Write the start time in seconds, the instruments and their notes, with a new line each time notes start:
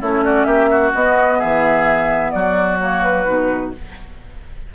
0.00 bassoon A3, clarinet C#4, oboe E4, flute C#5
0.24 oboe F#4, flute D5
0.44 bassoon A#3, oboe G4, flute E5
0.70 oboe F#4
0.94 bassoon B3, clarinet B3, flute D#5
1.38 bassoon E3, oboe G#4, flute E5
2.31 bassoon F#3, oboe F#4, flute D5
2.79 clarinet A#3, flute C#5
3.02 flute B4
3.25 bassoon B2, clarinet D#4